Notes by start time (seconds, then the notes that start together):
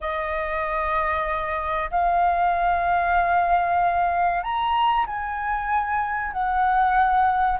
0.01 D#5
1.91 F5
4.43 A#5
5.06 G#5
6.32 F#5